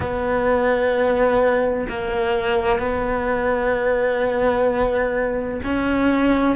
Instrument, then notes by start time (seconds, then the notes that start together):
cello
0.00 B3
1.88 A#3
2.79 B3
5.63 C#4